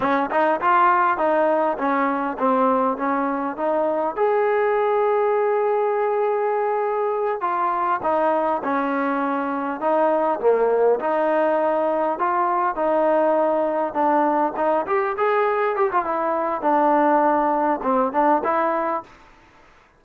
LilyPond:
\new Staff \with { instrumentName = "trombone" } { \time 4/4 \tempo 4 = 101 cis'8 dis'8 f'4 dis'4 cis'4 | c'4 cis'4 dis'4 gis'4~ | gis'1~ | gis'8 f'4 dis'4 cis'4.~ |
cis'8 dis'4 ais4 dis'4.~ | dis'8 f'4 dis'2 d'8~ | d'8 dis'8 g'8 gis'4 g'16 f'16 e'4 | d'2 c'8 d'8 e'4 | }